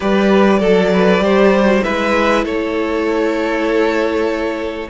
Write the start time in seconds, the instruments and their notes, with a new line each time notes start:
0.00 cello G3, viola G4, violin B4 D5
0.59 cello F#3, violin A4, viola A4
0.93 violin B4
1.19 cello G3, viola G4, violin C5
1.66 viola F#4
1.82 cello G#3, viola E4, violin B4 E5
2.44 cello A3, violin A4 C#5